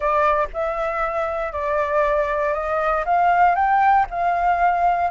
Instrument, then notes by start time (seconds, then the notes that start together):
flute
0.00 D5
0.53 E5
1.52 D5
2.53 D#5
3.05 F5
3.55 G5
4.10 F5